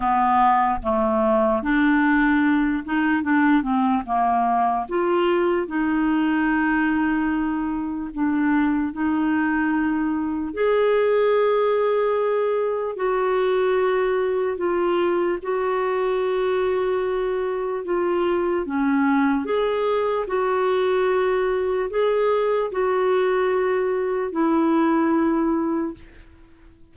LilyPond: \new Staff \with { instrumentName = "clarinet" } { \time 4/4 \tempo 4 = 74 b4 a4 d'4. dis'8 | d'8 c'8 ais4 f'4 dis'4~ | dis'2 d'4 dis'4~ | dis'4 gis'2. |
fis'2 f'4 fis'4~ | fis'2 f'4 cis'4 | gis'4 fis'2 gis'4 | fis'2 e'2 | }